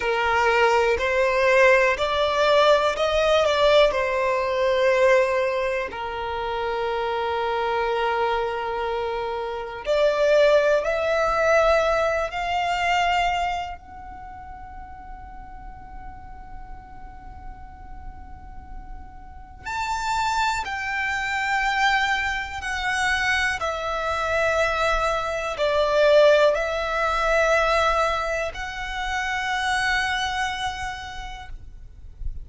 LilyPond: \new Staff \with { instrumentName = "violin" } { \time 4/4 \tempo 4 = 61 ais'4 c''4 d''4 dis''8 d''8 | c''2 ais'2~ | ais'2 d''4 e''4~ | e''8 f''4. fis''2~ |
fis''1 | a''4 g''2 fis''4 | e''2 d''4 e''4~ | e''4 fis''2. | }